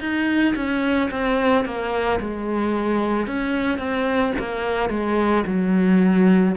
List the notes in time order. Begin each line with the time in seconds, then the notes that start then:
0.00 D#4
0.56 C#4
1.11 C4
1.65 A#3
2.20 G#3
3.27 C#4
3.78 C4
4.39 A#3
4.90 G#3
5.46 F#3